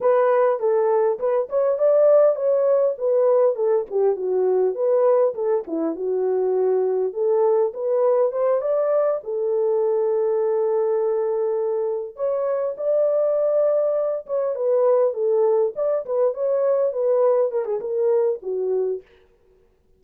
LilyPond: \new Staff \with { instrumentName = "horn" } { \time 4/4 \tempo 4 = 101 b'4 a'4 b'8 cis''8 d''4 | cis''4 b'4 a'8 g'8 fis'4 | b'4 a'8 e'8 fis'2 | a'4 b'4 c''8 d''4 a'8~ |
a'1~ | a'8 cis''4 d''2~ d''8 | cis''8 b'4 a'4 d''8 b'8 cis''8~ | cis''8 b'4 ais'16 gis'16 ais'4 fis'4 | }